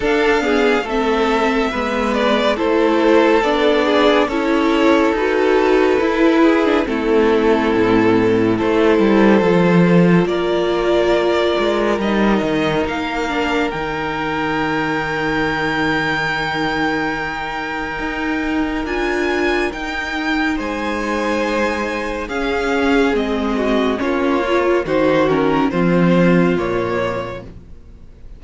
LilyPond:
<<
  \new Staff \with { instrumentName = "violin" } { \time 4/4 \tempo 4 = 70 f''4 e''4. d''8 c''4 | d''4 cis''4 b'2 | a'2 c''2 | d''2 dis''4 f''4 |
g''1~ | g''2 gis''4 g''4 | gis''2 f''4 dis''4 | cis''4 c''8 ais'8 c''4 cis''4 | }
  \new Staff \with { instrumentName = "violin" } { \time 4/4 a'8 gis'8 a'4 b'4 a'4~ | a'8 gis'8 a'2~ a'8 gis'8 | e'2 a'2 | ais'1~ |
ais'1~ | ais'1 | c''2 gis'4. fis'8 | f'4 fis'4 f'2 | }
  \new Staff \with { instrumentName = "viola" } { \time 4/4 d'8 b8 c'4 b4 e'4 | d'4 e'4 fis'4 e'8. d'16 | c'2 e'4 f'4~ | f'2 dis'4. d'8 |
dis'1~ | dis'2 f'4 dis'4~ | dis'2 cis'4 c'4 | cis'8 f'8 dis'8 cis'8 c'4 ais4 | }
  \new Staff \with { instrumentName = "cello" } { \time 4/4 d'4 a4 gis4 a4 | b4 cis'4 dis'4 e'4 | a4 a,4 a8 g8 f4 | ais4. gis8 g8 dis8 ais4 |
dis1~ | dis4 dis'4 d'4 dis'4 | gis2 cis'4 gis4 | ais4 dis4 f4 ais,4 | }
>>